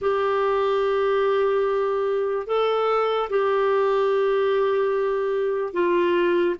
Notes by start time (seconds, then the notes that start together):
0.01 G4
2.47 A4
3.29 G4
5.73 F4